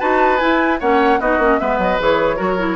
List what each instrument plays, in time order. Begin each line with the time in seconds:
0.00 bassoon D#4, clarinet F#4, oboe B4, flute A5
0.38 clarinet E4, bassoon E4, flute G#5
0.80 bassoon A#3, clarinet C#4, oboe C#5, flute F#5
1.20 bassoon B3, clarinet D#4, oboe F#4, flute D#5
1.38 bassoon A#3, clarinet C#4
1.59 bassoon G#3, clarinet B3, oboe B4, flute E5
1.78 bassoon F#3, flute D#5
2.00 bassoon E3, clarinet G#4, flute C#5
2.37 bassoon F#3, clarinet F#4, oboe A#4
2.58 clarinet E4